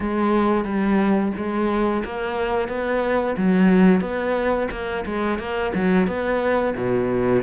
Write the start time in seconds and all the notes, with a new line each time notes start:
0.00 G#3
0.64 G3
1.36 G#3
2.04 A#3
2.68 B3
3.37 F#3
4.01 B3
4.71 A#3
5.05 G#3
5.38 A#3
5.74 F#3
6.07 B3
6.76 B2